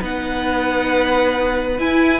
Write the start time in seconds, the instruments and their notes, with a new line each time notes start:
0.00 cello B3, viola D#4, violin B4 F#5
1.78 cello E4, viola E4, violin G#5